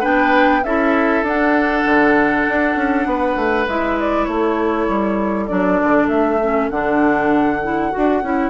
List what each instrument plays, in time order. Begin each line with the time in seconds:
0.00 bassoon B3, clarinet D4, oboe B4, flute G5
0.64 bassoon C#4, clarinet E4, oboe A4, flute E5
1.22 bassoon D4, clarinet D4, flute F#5
1.85 bassoon D3
2.48 bassoon D4
2.75 bassoon C#4
3.06 bassoon B3, oboe B4
3.35 bassoon A3
3.67 bassoon G#3, clarinet E4, flute E5
4.00 flute D5
4.24 bassoon A3, oboe A4, flute C#5
4.89 bassoon G3
5.46 bassoon F#3, clarinet D4, flute D5
5.82 bassoon D3
6.08 bassoon A3, flute E5
6.42 clarinet C#4
6.70 bassoon D3, clarinet D4, flute F#5
7.62 clarinet E4
7.91 bassoon D4, clarinet F#4
8.22 bassoon C#4, clarinet E4